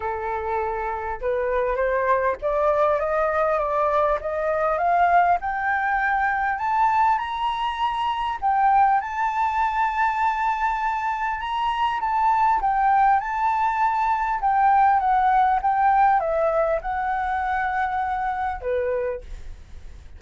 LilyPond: \new Staff \with { instrumentName = "flute" } { \time 4/4 \tempo 4 = 100 a'2 b'4 c''4 | d''4 dis''4 d''4 dis''4 | f''4 g''2 a''4 | ais''2 g''4 a''4~ |
a''2. ais''4 | a''4 g''4 a''2 | g''4 fis''4 g''4 e''4 | fis''2. b'4 | }